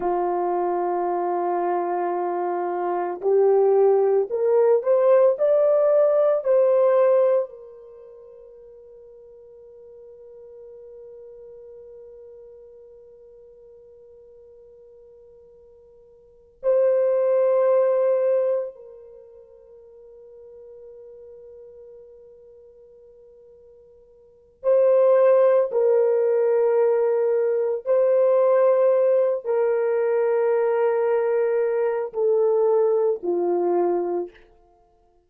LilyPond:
\new Staff \with { instrumentName = "horn" } { \time 4/4 \tempo 4 = 56 f'2. g'4 | ais'8 c''8 d''4 c''4 ais'4~ | ais'1~ | ais'2.~ ais'8 c''8~ |
c''4. ais'2~ ais'8~ | ais'2. c''4 | ais'2 c''4. ais'8~ | ais'2 a'4 f'4 | }